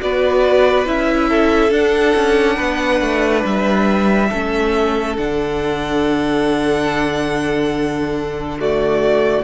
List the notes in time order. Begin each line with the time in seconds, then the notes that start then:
0.00 B3 F#4 B4 D5
0.85 C#4 E4 E5
1.29 A4
1.71 D4 F#5
2.15 C#4
2.56 B3 B4
3.01 A3
3.44 G3 E5
4.29 A3 C#4 A4
5.17 D3 D4 F#5
8.59 A3 F#4 D5